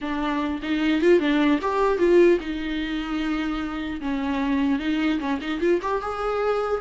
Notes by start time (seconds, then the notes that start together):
0.01 D4
0.62 D#4
1.01 F4
1.19 D4
1.61 G4
1.98 F4
2.40 D#4
4.01 C#4
4.79 D#4
5.19 C#4
5.41 D#4
5.60 F4
5.81 G4
6.01 G#4